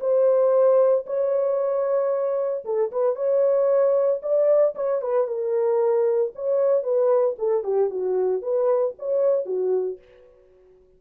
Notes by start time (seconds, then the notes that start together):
0.00 C5
1.06 C#5
2.65 A4
2.92 B4
3.16 C#5
4.22 D5
4.75 C#5
5.02 B4
5.27 A#4
6.35 C#5
6.83 B4
7.39 A4
7.64 G4
7.90 F#4
8.42 B4
8.99 C#5
9.46 F#4